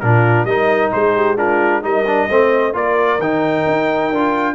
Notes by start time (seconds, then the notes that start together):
0.00 A#2 D4 F4 A#4
0.45 G3 D#4 A#4 D#5
0.92 G#3 G#4 C5
1.15 G4
1.37 D4 F4 A#4
1.82 G3 D#4 A#4 D#5
2.07 D4
2.28 A3 C4 C5
2.73 A#3 F4 A#4 D5
3.19 D#3 D#4 G5
3.66 D#4
4.12 D4 F4